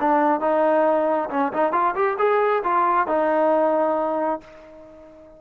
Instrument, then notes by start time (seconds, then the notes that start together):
trombone
0.00 D4
0.40 D#4
1.30 C#4
1.53 D#4
1.72 F4
1.95 G4
2.18 G#4
2.64 F4
3.07 D#4